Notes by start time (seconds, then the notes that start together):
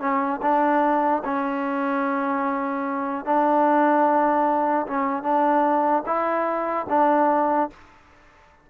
0.00 C#4
0.42 D4
1.24 C#4
3.25 D4
4.87 C#4
5.23 D4
6.06 E4
6.89 D4